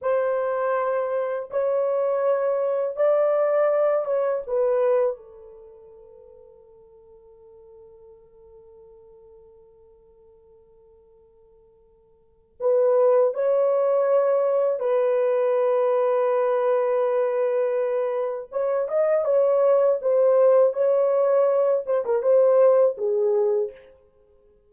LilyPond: \new Staff \with { instrumentName = "horn" } { \time 4/4 \tempo 4 = 81 c''2 cis''2 | d''4. cis''8 b'4 a'4~ | a'1~ | a'1~ |
a'4 b'4 cis''2 | b'1~ | b'4 cis''8 dis''8 cis''4 c''4 | cis''4. c''16 ais'16 c''4 gis'4 | }